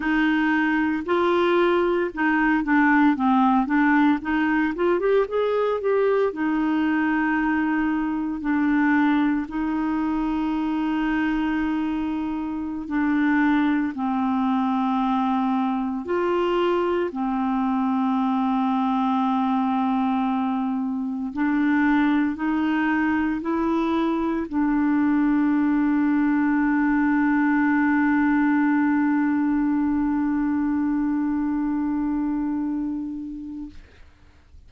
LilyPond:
\new Staff \with { instrumentName = "clarinet" } { \time 4/4 \tempo 4 = 57 dis'4 f'4 dis'8 d'8 c'8 d'8 | dis'8 f'16 g'16 gis'8 g'8 dis'2 | d'4 dis'2.~ | dis'16 d'4 c'2 f'8.~ |
f'16 c'2.~ c'8.~ | c'16 d'4 dis'4 e'4 d'8.~ | d'1~ | d'1 | }